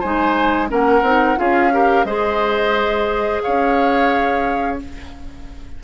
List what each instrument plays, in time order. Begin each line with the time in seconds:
0.00 bassoon G#3, clarinet D#4, oboe C5, flute G#5
0.68 bassoon A#3, clarinet C#4, oboe A#4, flute F#5
1.02 bassoon C4, clarinet D#4
1.37 bassoon C#4, clarinet F4, oboe G#4, flute F5
1.72 clarinet G4, oboe A#4
2.05 bassoon G#3, clarinet G#4, oboe C5, flute D#5
3.42 bassoon C#4, oboe C#5, flute F5